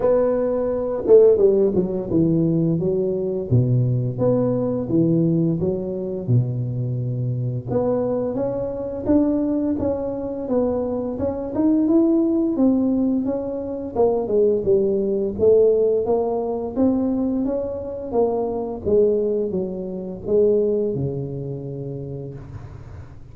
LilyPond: \new Staff \with { instrumentName = "tuba" } { \time 4/4 \tempo 4 = 86 b4. a8 g8 fis8 e4 | fis4 b,4 b4 e4 | fis4 b,2 b4 | cis'4 d'4 cis'4 b4 |
cis'8 dis'8 e'4 c'4 cis'4 | ais8 gis8 g4 a4 ais4 | c'4 cis'4 ais4 gis4 | fis4 gis4 cis2 | }